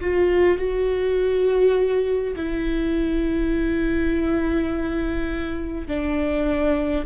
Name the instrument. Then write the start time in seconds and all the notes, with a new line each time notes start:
viola
0.00 F4
0.58 F#4
2.36 E4
5.87 D4